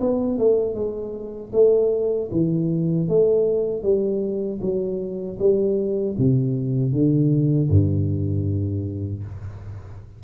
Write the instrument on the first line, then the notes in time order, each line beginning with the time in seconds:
tuba
0.00 B3
0.38 A3
0.74 G#3
1.52 A3
2.31 E3
3.08 A3
3.83 G3
4.61 F#3
5.39 G3
6.18 C3
6.92 D3
7.69 G2